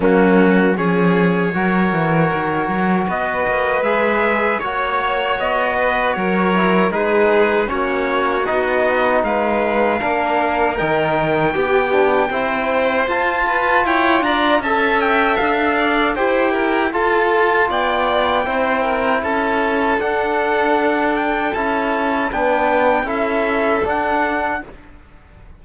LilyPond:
<<
  \new Staff \with { instrumentName = "trumpet" } { \time 4/4 \tempo 4 = 78 fis'4 cis''2. | dis''4 e''4 cis''4 dis''4 | cis''4 b'4 cis''4 dis''4 | f''2 g''2~ |
g''4 a''4 g''8 ais''8 a''8 g''8 | f''4 g''4 a''4 g''4~ | g''4 a''4 fis''4. g''8 | a''4 g''4 e''4 fis''4 | }
  \new Staff \with { instrumentName = "violin" } { \time 4/4 cis'4 gis'4 ais'2 | b'2 cis''4. b'8 | ais'4 gis'4 fis'2 | b'4 ais'2 g'4 |
c''4. b'8 cis''8 d''8 e''4~ | e''8 d''8 c''8 ais'8 a'4 d''4 | c''8 ais'8 a'2.~ | a'4 b'4 a'2 | }
  \new Staff \with { instrumentName = "trombone" } { \time 4/4 ais4 cis'4 fis'2~ | fis'4 gis'4 fis'2~ | fis'8 e'8 dis'4 cis'4 dis'4~ | dis'4 d'4 dis'4 g'8 d'8 |
e'4 f'2 a'4~ | a'4 g'4 f'2 | e'2 d'2 | e'4 d'4 e'4 d'4 | }
  \new Staff \with { instrumentName = "cello" } { \time 4/4 fis4 f4 fis8 e8 dis8 fis8 | b8 ais8 gis4 ais4 b4 | fis4 gis4 ais4 b4 | gis4 ais4 dis4 b4 |
c'4 f'4 e'8 d'8 cis'4 | d'4 e'4 f'4 b4 | c'4 cis'4 d'2 | cis'4 b4 cis'4 d'4 | }
>>